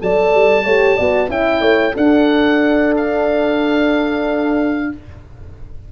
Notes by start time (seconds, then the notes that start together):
0.00 F#3 A4 D5 A5
0.34 G3
0.64 A3 G4 C#5
0.97 B3 F#4 D5
1.28 C#4 E4 E5 G5
1.61 A3 C#5
1.94 D4 A4 F#5
2.97 F5